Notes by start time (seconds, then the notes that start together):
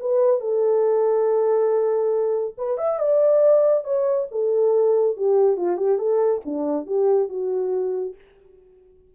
0.00 B4
0.41 A4
2.58 B4
2.78 E5
2.99 D5
3.84 C#5
4.31 A4
5.17 G4
5.57 F4
5.77 G4
5.98 A4
6.45 D4
6.86 G4
7.29 F#4